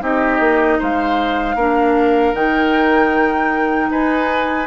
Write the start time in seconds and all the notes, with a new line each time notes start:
0.00 C4 D#4 G4 D#5
0.39 A#3
0.79 G#3 C5 F5
1.55 A#3 D4 A#4
2.34 D#3 D#4 G5
3.90 D#4 B4 G#5